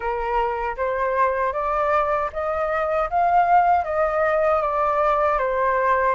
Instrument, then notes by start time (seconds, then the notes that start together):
flute
0.00 A#4
0.77 C5
1.52 D5
2.33 D#5
3.09 F5
3.84 D#5
4.61 D5
5.38 C5